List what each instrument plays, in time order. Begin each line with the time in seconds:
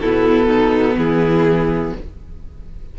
0.00 cello B2, viola B3, violin E4 A4
0.47 violin D#4
0.95 cello E3, violin E4 G#4